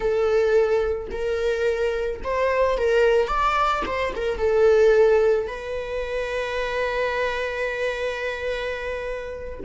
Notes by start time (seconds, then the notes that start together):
0.00 A4
1.11 A#4
2.23 C5
2.77 A#4
3.27 D5
3.86 C5
4.15 A#4
4.38 A4
5.47 B4